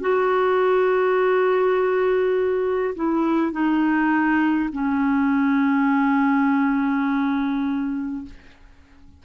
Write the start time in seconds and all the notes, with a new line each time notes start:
0.00 F#4
2.95 E4
3.52 D#4
4.72 C#4